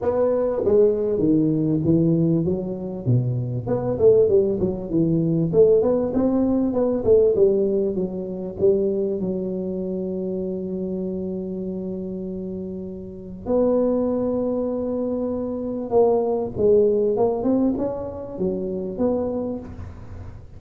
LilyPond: \new Staff \with { instrumentName = "tuba" } { \time 4/4 \tempo 4 = 98 b4 gis4 dis4 e4 | fis4 b,4 b8 a8 g8 fis8 | e4 a8 b8 c'4 b8 a8 | g4 fis4 g4 fis4~ |
fis1~ | fis2 b2~ | b2 ais4 gis4 | ais8 c'8 cis'4 fis4 b4 | }